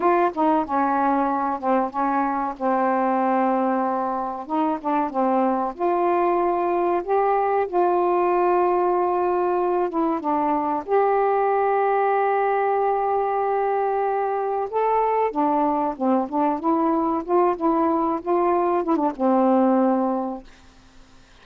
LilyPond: \new Staff \with { instrumentName = "saxophone" } { \time 4/4 \tempo 4 = 94 f'8 dis'8 cis'4. c'8 cis'4 | c'2. dis'8 d'8 | c'4 f'2 g'4 | f'2.~ f'8 e'8 |
d'4 g'2.~ | g'2. a'4 | d'4 c'8 d'8 e'4 f'8 e'8~ | e'8 f'4 e'16 d'16 c'2 | }